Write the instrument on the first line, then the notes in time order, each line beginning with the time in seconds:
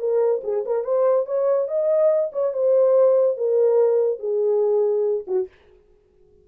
horn
0.00 A#4
0.44 G#4
0.66 A#4
0.85 C5
1.27 C#5
1.68 D#5
2.33 C#5
2.54 C5
3.38 A#4
4.20 G#4
5.28 F#4